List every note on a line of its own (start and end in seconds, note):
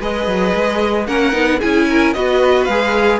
0.00 0.27 G#3
0.00 1.07 G#4
0.00 1.07 B4
0.00 1.07 D#5
0.27 0.53 F#3
0.54 1.08 G#3
1.07 1.33 A#3
1.07 1.32 C#4
1.07 1.59 A#4
1.07 1.60 F#5
1.32 1.60 B3
1.32 1.59 D#4
1.59 2.15 C#4
1.59 2.15 E4
1.59 1.86 G#4
1.59 2.13 G#5
1.90 2.14 A#4
2.13 2.68 B3
2.13 2.69 F#4
2.13 3.20 B4
2.13 2.65 D#5
2.65 3.20 G#3
2.65 3.20 G#4
2.65 3.18 F5